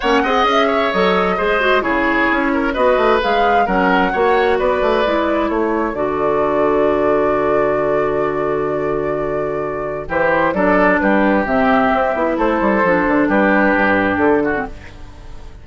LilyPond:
<<
  \new Staff \with { instrumentName = "flute" } { \time 4/4 \tempo 4 = 131 fis''4 e''4 dis''2 | cis''2 dis''4 f''4 | fis''2 d''2 | cis''4 d''2.~ |
d''1~ | d''2 c''4 d''4 | b'4 e''2 c''4~ | c''4 b'2 a'4 | }
  \new Staff \with { instrumentName = "oboe" } { \time 4/4 cis''8 dis''4 cis''4. c''4 | gis'4. ais'8 b'2 | ais'4 cis''4 b'2 | a'1~ |
a'1~ | a'2 g'4 a'4 | g'2. a'4~ | a'4 g'2~ g'8 fis'8 | }
  \new Staff \with { instrumentName = "clarinet" } { \time 4/4 cis'8 gis'4. a'4 gis'8 fis'8 | e'2 fis'4 gis'4 | cis'4 fis'2 e'4~ | e'4 fis'2.~ |
fis'1~ | fis'2 e'4 d'4~ | d'4 c'4. e'4. | d'2.~ d'8. c'16 | }
  \new Staff \with { instrumentName = "bassoon" } { \time 4/4 ais8 c'8 cis'4 fis4 gis4 | cis4 cis'4 b8 a8 gis4 | fis4 ais4 b8 a8 gis4 | a4 d2.~ |
d1~ | d2 e4 fis4 | g4 c4 c'8 b8 a8 g8 | f8 d8 g4 g,4 d4 | }
>>